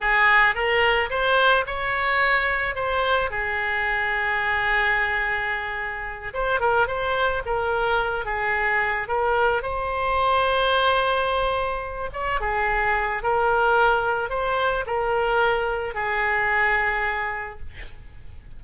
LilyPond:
\new Staff \with { instrumentName = "oboe" } { \time 4/4 \tempo 4 = 109 gis'4 ais'4 c''4 cis''4~ | cis''4 c''4 gis'2~ | gis'2.~ gis'8 c''8 | ais'8 c''4 ais'4. gis'4~ |
gis'8 ais'4 c''2~ c''8~ | c''2 cis''8 gis'4. | ais'2 c''4 ais'4~ | ais'4 gis'2. | }